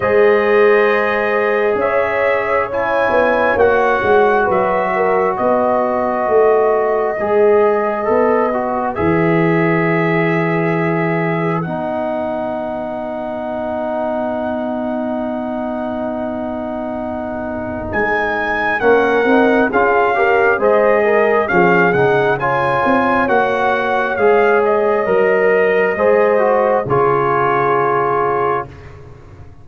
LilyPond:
<<
  \new Staff \with { instrumentName = "trumpet" } { \time 4/4 \tempo 4 = 67 dis''2 e''4 gis''4 | fis''4 e''4 dis''2~ | dis''2 e''2~ | e''4 fis''2.~ |
fis''1 | gis''4 fis''4 f''4 dis''4 | f''8 fis''8 gis''4 fis''4 f''8 dis''8~ | dis''2 cis''2 | }
  \new Staff \with { instrumentName = "horn" } { \time 4/4 c''2 cis''2~ | cis''4 b'8 ais'8 b'2~ | b'1~ | b'1~ |
b'1~ | b'4 ais'4 gis'8 ais'8 c''8 ais'8 | gis'4 cis''2.~ | cis''4 c''4 gis'2 | }
  \new Staff \with { instrumentName = "trombone" } { \time 4/4 gis'2. e'4 | fis'1 | gis'4 a'8 fis'8 gis'2~ | gis'4 dis'2.~ |
dis'1~ | dis'4 cis'8 dis'8 f'8 g'8 gis'4 | cis'8 dis'8 f'4 fis'4 gis'4 | ais'4 gis'8 fis'8 f'2 | }
  \new Staff \with { instrumentName = "tuba" } { \time 4/4 gis2 cis'4. b8 | ais8 gis8 fis4 b4 a4 | gis4 b4 e2~ | e4 b2.~ |
b1 | gis4 ais8 c'8 cis'4 gis4 | f8 cis4 c'8 ais4 gis4 | fis4 gis4 cis2 | }
>>